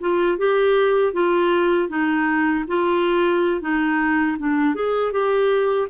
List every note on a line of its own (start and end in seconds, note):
0.00 0.38 F4
0.38 1.13 G4
1.13 1.88 F4
1.88 2.64 D#4
2.68 3.61 F4
3.61 4.37 D#4
4.38 4.74 D4
4.74 5.12 G#4
5.12 5.88 G4